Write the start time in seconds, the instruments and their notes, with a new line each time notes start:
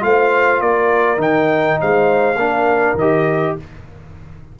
0.00 tuba A3, trombone F4, horn C5, trumpet F5
0.60 tuba A#3, horn A#4, trumpet D5
1.17 tuba D#3, trombone D#4, trumpet G5
1.80 tuba G#3, horn C5, trumpet F5
2.35 tuba A#3, trombone D4, horn A#4
2.94 tuba D#3, trumpet D#5
3.00 trombone G4